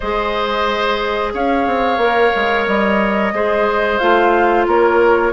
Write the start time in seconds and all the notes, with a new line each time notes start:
0.00 G#3 G#4 C5 D#5
1.34 C#4 C#5 F5
1.66 C4
1.97 A#3 A#4
2.35 G#3
2.65 G3 D#5
3.32 G#3 G#4 C5
3.98 A3 F4 F5
4.66 A#3 A#4 C#5